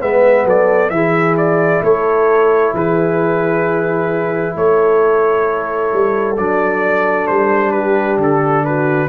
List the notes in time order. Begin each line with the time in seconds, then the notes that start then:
0.00 G#3 B3 B4 E5
0.45 F#3 A4 D5
0.90 E3 E4 G#4 E5
1.38 D5
1.82 A3 A4 C#5
2.74 E3 G#4 B4
4.56 A3 A4 C#5
5.93 G3
6.37 F#3 D4 D5
7.27 G3 C5
7.72 G4 B4
8.18 D3 A4
8.65 F#4 B4